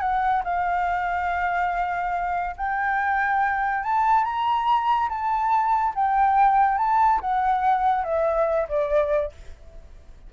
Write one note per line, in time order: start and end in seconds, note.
0.00 0.42 F#5
0.44 2.55 F5
2.56 3.83 G5
3.83 4.24 A5
4.24 5.08 A#5
5.09 5.93 A5
5.95 6.78 G5
6.78 7.20 A5
7.20 8.03 F#5
8.03 8.67 E5
8.68 9.31 D5